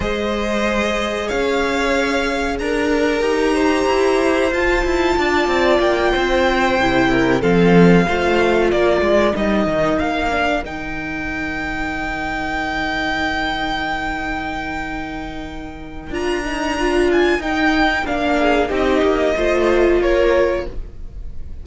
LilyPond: <<
  \new Staff \with { instrumentName = "violin" } { \time 4/4 \tempo 4 = 93 dis''2 f''2 | ais''2. a''4~ | a''4 g''2~ g''8 f''8~ | f''4. d''4 dis''4 f''8~ |
f''8 g''2.~ g''8~ | g''1~ | g''4 ais''4. gis''8 g''4 | f''4 dis''2 cis''4 | }
  \new Staff \with { instrumentName = "violin" } { \time 4/4 c''2 cis''2 | ais'4. c''2~ c''8 | d''4. c''4. ais'8 a'8~ | a'8 c''4 ais'2~ ais'8~ |
ais'1~ | ais'1~ | ais'1~ | ais'8 gis'8 g'4 c''4 ais'4 | }
  \new Staff \with { instrumentName = "viola" } { \time 4/4 gis'1~ | gis'4 g'2 f'4~ | f'2~ f'8 e'4 c'8~ | c'8 f'2 dis'4. |
d'8 dis'2.~ dis'8~ | dis'1~ | dis'4 f'8 dis'8 f'4 dis'4 | d'4 dis'4 f'2 | }
  \new Staff \with { instrumentName = "cello" } { \time 4/4 gis2 cis'2 | d'4 dis'4 e'4 f'8 e'8 | d'8 c'8 ais8 c'4 c4 f8~ | f8 a4 ais8 gis8 g8 dis8 ais8~ |
ais8 dis2.~ dis8~ | dis1~ | dis4 d'2 dis'4 | ais4 c'8 ais8 a4 ais4 | }
>>